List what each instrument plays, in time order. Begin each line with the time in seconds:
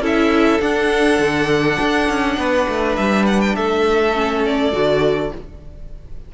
0.00 cello C#4, viola E4, violin A4 E5
0.60 viola D4, cello D4, violin F#5
1.19 cello D3
1.80 cello D4
2.09 cello C#4
2.37 cello B3, violin B4
2.68 cello A3
2.96 cello G3, violin E5
3.26 violin F#5
3.41 violin G5
3.56 cello A3, violin A4 E5
4.14 viola C#4
4.46 violin D5
4.72 cello D3, viola F#4